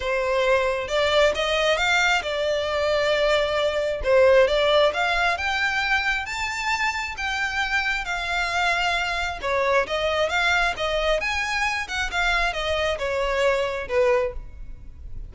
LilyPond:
\new Staff \with { instrumentName = "violin" } { \time 4/4 \tempo 4 = 134 c''2 d''4 dis''4 | f''4 d''2.~ | d''4 c''4 d''4 f''4 | g''2 a''2 |
g''2 f''2~ | f''4 cis''4 dis''4 f''4 | dis''4 gis''4. fis''8 f''4 | dis''4 cis''2 b'4 | }